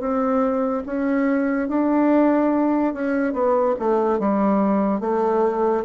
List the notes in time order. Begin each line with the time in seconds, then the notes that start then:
0.00 C4
0.86 C#4
1.69 D4
2.94 C#4
3.33 B3
3.79 A3
4.19 G3
5.01 A3